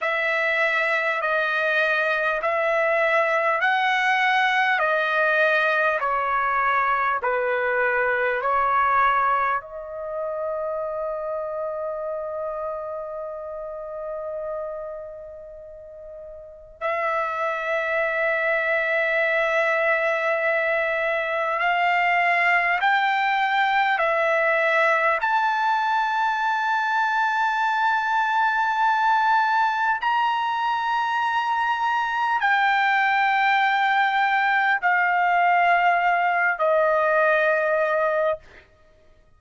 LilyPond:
\new Staff \with { instrumentName = "trumpet" } { \time 4/4 \tempo 4 = 50 e''4 dis''4 e''4 fis''4 | dis''4 cis''4 b'4 cis''4 | dis''1~ | dis''2 e''2~ |
e''2 f''4 g''4 | e''4 a''2.~ | a''4 ais''2 g''4~ | g''4 f''4. dis''4. | }